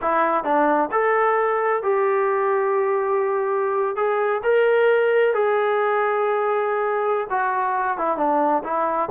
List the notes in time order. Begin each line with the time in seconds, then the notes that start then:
0.01 E4
0.44 D4
0.91 A4
1.82 G4
3.95 G#4
4.43 A#4
5.34 G#4
7.30 F#4
7.97 E4
8.17 D4
8.63 E4